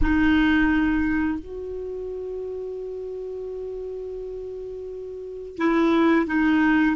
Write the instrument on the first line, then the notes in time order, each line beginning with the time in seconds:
clarinet
0.01 D#4
1.39 F#4
5.57 E4
6.26 D#4